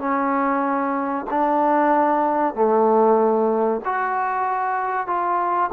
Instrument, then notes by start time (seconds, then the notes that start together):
trombone
0.00 C#4
1.31 D4
2.55 A3
3.86 F#4
5.08 F4